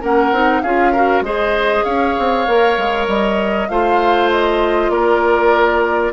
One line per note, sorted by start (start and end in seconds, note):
0.00 0.31 A#3
0.00 0.33 C#4
0.00 0.61 A#4
0.00 0.61 F#5
0.31 0.62 C4
0.31 0.64 D#4
0.61 1.20 C#4
0.61 0.95 F4
0.61 0.92 G#4
0.61 1.22 F5
0.92 1.24 F#4
0.92 1.22 A#4
1.20 1.82 G#3
1.20 2.47 G#4
1.20 1.84 C5
1.20 1.84 D#5
1.84 2.15 C#4
1.84 3.68 C#5
1.84 3.06 F5
2.18 2.47 C4
2.47 2.77 A#3
2.47 3.70 A#4
2.77 3.07 G#3
3.07 3.68 G3
3.07 3.68 D#5
3.68 4.89 A3
3.68 6.12 F4
3.68 4.91 C5
3.68 4.29 F5
4.30 4.90 D#5
4.89 6.11 A#3
4.89 6.12 A#4
4.89 6.12 D5